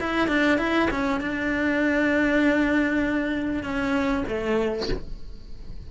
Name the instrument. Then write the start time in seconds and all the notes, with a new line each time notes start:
cello
0.00 E4
0.28 D4
0.58 E4
0.90 C#4
1.20 D4
3.63 C#4
4.27 A3